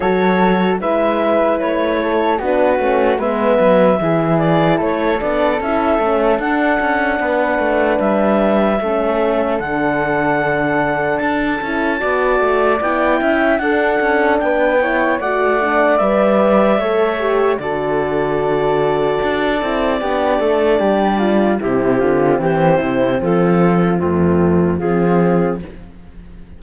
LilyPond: <<
  \new Staff \with { instrumentName = "clarinet" } { \time 4/4 \tempo 4 = 75 cis''4 e''4 cis''4 b'4 | e''4. d''8 cis''8 d''8 e''4 | fis''2 e''2 | fis''2 a''2 |
g''4 fis''4 g''4 fis''4 | e''2 d''2~ | d''2. g'4 | c''4 a'4 f'4 gis'4 | }
  \new Staff \with { instrumentName = "flute" } { \time 4/4 a'4 b'4. a'8 fis'4 | b'4 gis'4 a'2~ | a'4 b'2 a'4~ | a'2. d''4~ |
d''8 e''8 a'4 b'8 cis''8 d''4~ | d''4 cis''4 a'2~ | a'4 g'8 a'8 g'8 f'8 e'8 f'8 | g'8 e'8 f'4 c'4 f'4 | }
  \new Staff \with { instrumentName = "horn" } { \time 4/4 fis'4 e'2 d'8 cis'8 | b4 e'4. d'8 e'8 cis'8 | d'2. cis'4 | d'2~ d'8 e'8 fis'4 |
e'4 d'4. e'8 fis'8 d'8 | b'4 a'8 g'8 fis'2~ | fis'8 e'8 d'2 c'4~ | c'2 a4 c'4 | }
  \new Staff \with { instrumentName = "cello" } { \time 4/4 fis4 gis4 a4 b8 a8 | gis8 fis8 e4 a8 b8 cis'8 a8 | d'8 cis'8 b8 a8 g4 a4 | d2 d'8 cis'8 b8 a8 |
b8 cis'8 d'8 cis'8 b4 a4 | g4 a4 d2 | d'8 c'8 b8 a8 g4 c8 d8 | e8 c8 f4 f,4 f4 | }
>>